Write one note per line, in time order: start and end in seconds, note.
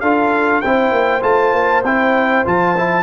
0.00 0.62 D4
0.00 0.63 F4
0.00 0.62 A4
0.00 0.61 F5
0.61 0.91 C4
0.61 1.21 E4
0.61 3.02 C5
0.61 1.21 G5
0.91 1.22 A#3
1.21 1.53 A3
1.21 1.82 F4
1.21 1.83 A5
1.53 1.83 A#3
1.83 2.44 C4
1.83 2.45 E4
1.83 2.45 G5
2.45 3.02 F3
2.45 2.75 F4
2.45 3.02 A5
2.77 3.02 E4